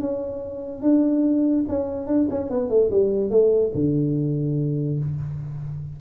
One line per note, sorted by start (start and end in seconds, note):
0.00 0.82 C#4
0.82 1.65 D4
1.68 2.06 C#4
2.06 2.27 D4
2.30 2.50 C#4
2.50 2.69 B3
2.69 2.90 A3
2.91 3.30 G3
3.30 3.72 A3
3.74 4.99 D3